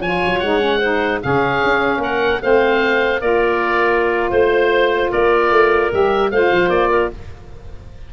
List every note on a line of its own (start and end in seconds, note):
0.00 0.20 F3
0.00 0.43 F4
0.00 0.79 C#5
0.00 0.39 G#5
0.26 0.42 F#3
0.39 1.22 G#3
0.39 0.59 D#4
0.39 1.19 F#5
0.59 0.79 C#4
0.79 1.21 D#4
0.79 1.19 C5
1.21 1.63 C#3
1.21 2.40 C#4
1.21 1.99 G#4
1.21 2.02 F5
1.63 1.98 C#4
1.98 2.38 A#3
1.98 2.39 A#4
1.98 2.42 F#5
2.40 3.20 A3
2.40 3.20 C4
2.40 3.21 C5
2.40 3.21 F5
3.20 4.30 A#3
3.20 5.91 F4
3.20 4.30 A#4
3.20 4.31 D5
4.30 5.11 A3
4.30 5.10 C5
4.30 5.11 C5
5.10 5.50 A#3
5.10 6.30 A#4
5.10 5.92 D5
5.50 5.90 A3
5.91 6.31 G3
5.91 6.31 G4
5.91 6.31 E5
6.31 6.51 A3
6.31 7.13 F4
6.31 6.90 C5
6.31 6.69 F5
6.52 6.69 F3
6.69 7.09 A#3
6.69 7.09 D5
6.90 7.10 A#4